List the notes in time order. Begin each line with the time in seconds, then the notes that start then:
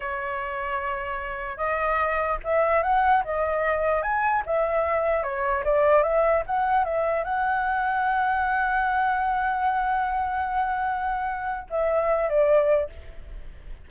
0.00 C#5
1.57 D#5
2.44 E5
2.82 F#5
3.24 D#5
4.02 G#5
4.46 E5
5.23 C#5
5.64 D5
6.03 E5
6.46 F#5
6.84 E5
7.24 F#5
11.70 E5
12.29 D5